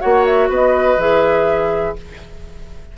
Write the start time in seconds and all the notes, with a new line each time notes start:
0.00 A#3 F#4 C#5 F#5
0.25 E5
0.49 B3 B4 D#5
0.97 E3 G#4 E5